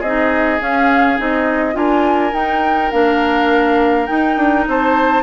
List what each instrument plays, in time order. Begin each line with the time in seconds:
0.00 bassoon C4, oboe G#4, flute D#5
0.06 clarinet D#4
0.60 clarinet C#4, bassoon C#4, flute F5
1.18 bassoon C4, clarinet D#4, flute D#5
1.73 bassoon D4, clarinet F4, oboe A#4, flute G#5
2.33 clarinet D#4, bassoon D#4, flute G5
2.92 bassoon A#3, clarinet D4, flute F5
4.07 clarinet D#4, bassoon D#4, flute G5
4.37 bassoon D4
4.68 bassoon C4, oboe C5, flute A5